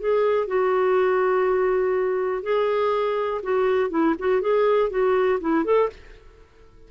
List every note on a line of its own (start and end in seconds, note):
0.00 0.48 G#4
0.48 2.43 F#4
2.43 3.42 G#4
3.43 3.91 F#4
3.91 4.15 E4
4.19 4.42 F#4
4.42 4.90 G#4
4.90 5.40 F#4
5.41 5.65 E4
5.65 5.90 A4